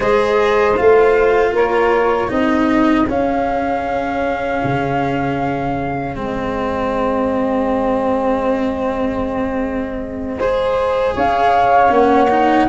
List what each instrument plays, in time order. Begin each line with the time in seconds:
0.00 tuba G#3, cello G#4, saxophone C5, flute D#5
0.76 tuba A3, cello F4, flute F5
1.52 tuba A#3, saxophone A#4, flute C#5
2.27 tuba C4, cello D#4, saxophone G#4, flute D#5
3.08 tuba C#4, cello C#4, flute F5
4.63 tuba C#3
6.15 tuba G#3, cello C4, flute D#5
10.38 cello G#4, saxophone C5
11.14 tuba C#4, saxophone C#5, flute F5
11.89 tuba A#3, cello C#4, flute F#5
12.30 cello D#4